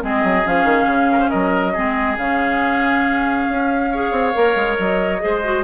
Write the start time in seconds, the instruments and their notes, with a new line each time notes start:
0.00 bassoon G#3, clarinet C4, oboe G#4, flute D#5
0.23 bassoon F#3
0.44 bassoon F3, clarinet C#4, flute F5
0.64 bassoon D#3
0.87 bassoon C#3
1.12 oboe A#4
1.19 oboe C5
1.29 bassoon F#3, oboe A#4, flute D#5
1.73 bassoon G#3, clarinet C4, oboe G#4
2.17 bassoon C#3, clarinet C#4, flute F5
3.49 bassoon C#4
3.92 clarinet G#4, oboe C#5
4.11 bassoon C4
4.33 bassoon A#3, clarinet A#4
4.55 bassoon G#3
4.78 bassoon F#3, flute D#5
5.19 bassoon G#3, clarinet G#4, oboe C5
5.43 clarinet F#4